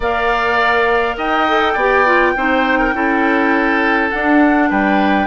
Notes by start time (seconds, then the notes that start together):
0.00 A#3 A#4 D5 F5
1.17 D#4 D#5 G5
1.48 A4
1.73 B3 G4 D5
2.06 F4
2.35 C4 D#4 C5
2.79 A#4
2.93 C#4 E4 A4
4.10 D4 F#5
4.69 G3 B4 G5